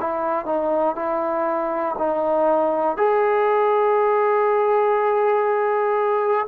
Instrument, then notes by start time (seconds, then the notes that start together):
trombone
0.00 E4
0.45 D#4
0.95 E4
1.98 D#4
2.97 G#4